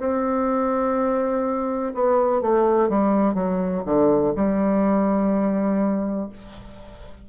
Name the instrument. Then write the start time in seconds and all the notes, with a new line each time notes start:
bassoon
0.00 C4
1.95 B3
2.42 A3
2.89 G3
3.34 F#3
3.86 D3
4.36 G3